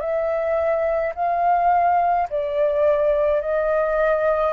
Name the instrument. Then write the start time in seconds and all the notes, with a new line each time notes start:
flute
0.00 E5
1.15 F5
2.30 D5
3.41 D#5